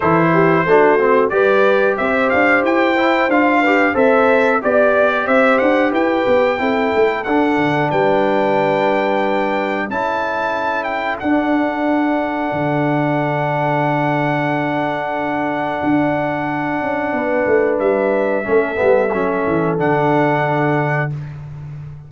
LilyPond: <<
  \new Staff \with { instrumentName = "trumpet" } { \time 4/4 \tempo 4 = 91 c''2 d''4 e''8 f''8 | g''4 f''4 e''4 d''4 | e''8 fis''8 g''2 fis''4 | g''2. a''4~ |
a''8 g''8 fis''2.~ | fis''1~ | fis''2. e''4~ | e''2 fis''2 | }
  \new Staff \with { instrumentName = "horn" } { \time 4/4 a'8 g'8 fis'4 b'4 c''4~ | c''4. b'8 c''4 d''4 | c''4 b'4 a'2 | b'2. a'4~ |
a'1~ | a'1~ | a'2 b'2 | a'1 | }
  \new Staff \with { instrumentName = "trombone" } { \time 4/4 e'4 d'8 c'8 g'2~ | g'8 e'8 f'8 g'8 a'4 g'4~ | g'2 e'4 d'4~ | d'2. e'4~ |
e'4 d'2.~ | d'1~ | d'1 | cis'8 b8 cis'4 d'2 | }
  \new Staff \with { instrumentName = "tuba" } { \time 4/4 e4 a4 g4 c'8 d'8 | e'4 d'4 c'4 b4 | c'8 d'8 e'8 b8 c'8 a8 d'8 d8 | g2. cis'4~ |
cis'4 d'2 d4~ | d1 | d'4. cis'8 b8 a8 g4 | a8 g8 fis8 e8 d2 | }
>>